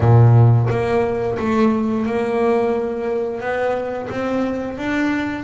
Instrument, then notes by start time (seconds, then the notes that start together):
double bass
0.00 A#2
0.69 A#3
1.39 A3
2.06 A#3
3.40 B3
4.10 C4
4.77 D4